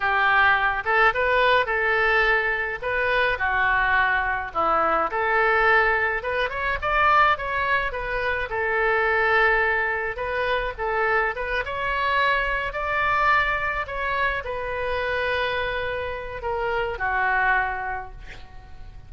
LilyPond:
\new Staff \with { instrumentName = "oboe" } { \time 4/4 \tempo 4 = 106 g'4. a'8 b'4 a'4~ | a'4 b'4 fis'2 | e'4 a'2 b'8 cis''8 | d''4 cis''4 b'4 a'4~ |
a'2 b'4 a'4 | b'8 cis''2 d''4.~ | d''8 cis''4 b'2~ b'8~ | b'4 ais'4 fis'2 | }